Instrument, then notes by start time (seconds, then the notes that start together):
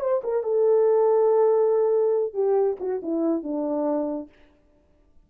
horn
0.00 C5
0.24 A#4
0.43 A4
2.34 G4
2.80 F#4
3.02 E4
3.43 D4